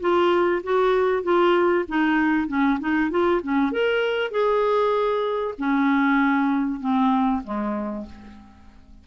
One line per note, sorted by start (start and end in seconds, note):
0.00 0.62 F4
0.63 1.23 F#4
1.23 1.84 F4
1.88 2.48 D#4
2.48 2.79 C#4
2.79 3.10 D#4
3.10 3.41 F4
3.42 3.71 C#4
3.71 4.30 A#4
4.30 5.54 G#4
5.58 6.80 C#4
6.80 7.42 C4
7.43 8.05 G#3